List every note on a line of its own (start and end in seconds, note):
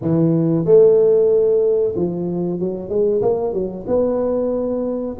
0.01 0.65 E3
0.65 1.94 A3
1.95 2.59 F3
2.59 2.89 F#3
2.89 3.21 G#3
3.21 3.53 A#3
3.53 3.85 F#3
3.87 5.16 B3